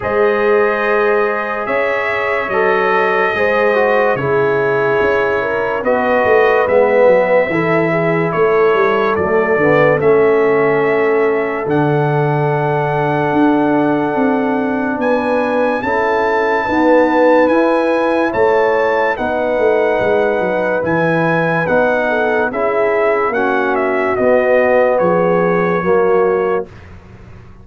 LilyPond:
<<
  \new Staff \with { instrumentName = "trumpet" } { \time 4/4 \tempo 4 = 72 dis''2 e''4 dis''4~ | dis''4 cis''2 dis''4 | e''2 cis''4 d''4 | e''2 fis''2~ |
fis''2 gis''4 a''4~ | a''4 gis''4 a''4 fis''4~ | fis''4 gis''4 fis''4 e''4 | fis''8 e''8 dis''4 cis''2 | }
  \new Staff \with { instrumentName = "horn" } { \time 4/4 c''2 cis''2 | c''4 gis'4. ais'8 b'4~ | b'4 a'8 gis'8 a'2~ | a'1~ |
a'2 b'4 a'4 | b'2 cis''4 b'4~ | b'2~ b'8 a'8 gis'4 | fis'2 gis'4 fis'4 | }
  \new Staff \with { instrumentName = "trombone" } { \time 4/4 gis'2. a'4 | gis'8 fis'8 e'2 fis'4 | b4 e'2 a8 b8 | cis'2 d'2~ |
d'2. e'4 | b4 e'2 dis'4~ | dis'4 e'4 dis'4 e'4 | cis'4 b2 ais4 | }
  \new Staff \with { instrumentName = "tuba" } { \time 4/4 gis2 cis'4 fis4 | gis4 cis4 cis'4 b8 a8 | gis8 fis8 e4 a8 g8 fis8 d8 | a2 d2 |
d'4 c'4 b4 cis'4 | dis'4 e'4 a4 b8 a8 | gis8 fis8 e4 b4 cis'4 | ais4 b4 f4 fis4 | }
>>